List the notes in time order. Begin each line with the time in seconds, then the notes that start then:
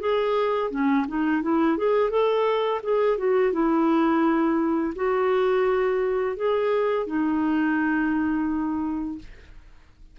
0.00 G#4
0.71 C#4
1.08 D#4
1.42 E4
1.77 G#4
2.10 A4
2.83 G#4
3.18 F#4
3.53 E4
4.95 F#4
6.36 G#4
7.07 D#4